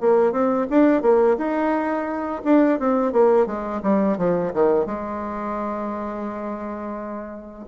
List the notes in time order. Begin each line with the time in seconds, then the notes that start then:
0.00 A#3
0.32 C4
0.70 D4
1.01 A#3
1.37 D#4
2.44 D4
2.79 C4
3.12 A#3
3.46 G#3
3.82 G3
4.17 F3
4.53 D#3
4.86 G#3